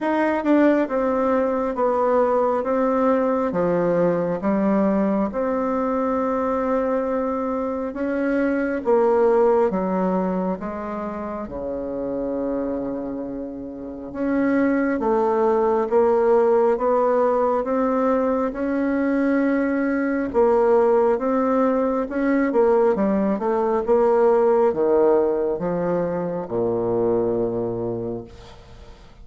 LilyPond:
\new Staff \with { instrumentName = "bassoon" } { \time 4/4 \tempo 4 = 68 dis'8 d'8 c'4 b4 c'4 | f4 g4 c'2~ | c'4 cis'4 ais4 fis4 | gis4 cis2. |
cis'4 a4 ais4 b4 | c'4 cis'2 ais4 | c'4 cis'8 ais8 g8 a8 ais4 | dis4 f4 ais,2 | }